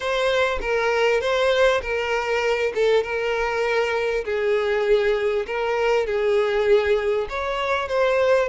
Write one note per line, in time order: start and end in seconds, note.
0.00 0.59 C5
0.61 1.20 A#4
1.20 1.81 C5
1.82 2.72 A#4
2.74 3.03 A4
3.03 4.24 A#4
4.25 5.46 G#4
5.46 6.06 A#4
6.06 7.27 G#4
7.29 7.88 C#5
7.88 8.48 C5